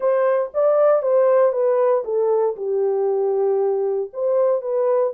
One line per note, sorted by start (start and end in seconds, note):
0.00 0.50 C5
0.54 1.02 D5
1.02 1.52 C5
1.52 2.03 B4
2.04 2.55 A4
2.56 4.10 G4
4.13 4.61 C5
4.61 5.13 B4